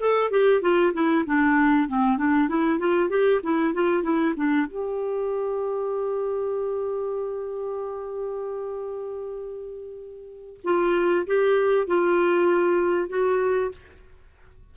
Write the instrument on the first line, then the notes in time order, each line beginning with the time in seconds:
clarinet
0.00 A4
0.31 G4
0.62 F4
0.93 E4
1.26 D4
1.89 C4
2.18 D4
2.49 E4
2.79 F4
3.10 G4
3.43 E4
3.74 F4
4.03 E4
4.37 D4
4.67 G4
10.64 F4
11.27 G4
11.87 F4
13.09 F#4